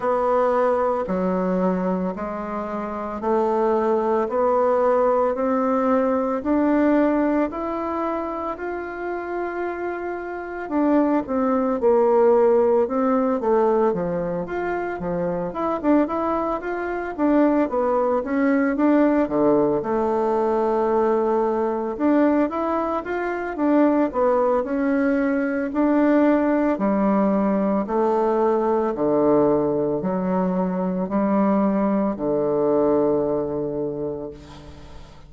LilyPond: \new Staff \with { instrumentName = "bassoon" } { \time 4/4 \tempo 4 = 56 b4 fis4 gis4 a4 | b4 c'4 d'4 e'4 | f'2 d'8 c'8 ais4 | c'8 a8 f8 f'8 f8 e'16 d'16 e'8 f'8 |
d'8 b8 cis'8 d'8 d8 a4.~ | a8 d'8 e'8 f'8 d'8 b8 cis'4 | d'4 g4 a4 d4 | fis4 g4 d2 | }